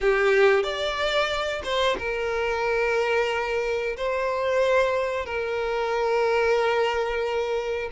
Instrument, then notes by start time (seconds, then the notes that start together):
violin
0.00 G4
0.63 D5
1.64 C5
1.98 A#4
3.97 C5
5.25 A#4